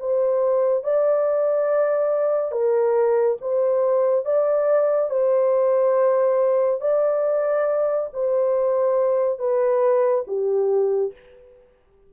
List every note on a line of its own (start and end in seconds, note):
0.00 0.84 C5
0.84 2.52 D5
2.52 3.38 A#4
3.41 4.25 C5
4.25 5.10 D5
5.10 6.81 C5
6.81 8.10 D5
8.14 9.39 C5
9.39 10.25 B4
10.27 11.13 G4